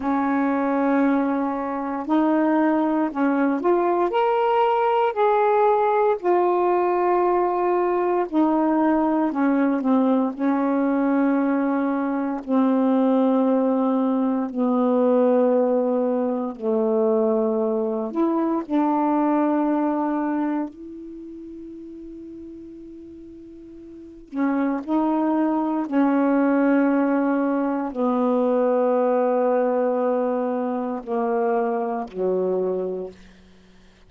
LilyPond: \new Staff \with { instrumentName = "saxophone" } { \time 4/4 \tempo 4 = 58 cis'2 dis'4 cis'8 f'8 | ais'4 gis'4 f'2 | dis'4 cis'8 c'8 cis'2 | c'2 b2 |
a4. e'8 d'2 | e'2.~ e'8 cis'8 | dis'4 cis'2 b4~ | b2 ais4 fis4 | }